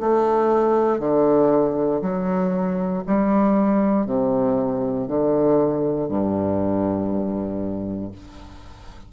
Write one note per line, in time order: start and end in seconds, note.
0.00 0.99 A3
0.99 2.01 D3
2.02 3.03 F#3
3.06 4.06 G3
4.06 5.08 C3
5.08 6.08 D3
6.08 8.12 G2